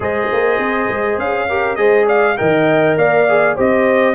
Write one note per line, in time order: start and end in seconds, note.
0.00 0.27 G#3
0.00 1.48 G#4
0.00 1.48 C5
0.00 1.19 D#5
0.32 0.58 A#3
0.58 0.88 C4
0.89 1.18 G#3
1.18 1.77 C#4
1.18 1.75 F5
1.48 1.77 G4
1.48 1.78 A#4
1.75 2.37 G#3
1.75 2.36 G#4
1.75 2.06 C5
1.75 2.05 D#5
2.06 2.35 D5
2.06 2.37 F5
2.37 2.97 D#3
2.37 3.26 A#4
2.37 2.98 D#5
2.37 2.96 G5
2.97 3.56 A#3
2.97 3.55 D5
2.97 3.57 F5
3.29 3.56 G#4
3.55 4.14 C4
3.55 4.14 G4
3.55 4.14 C5
3.55 4.14 D#5